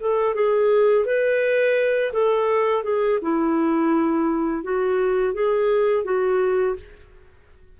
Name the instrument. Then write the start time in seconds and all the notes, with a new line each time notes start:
clarinet
0.00 A4
0.34 G#4
1.05 B4
2.12 A4
2.83 G#4
3.22 E4
4.63 F#4
5.34 G#4
6.04 F#4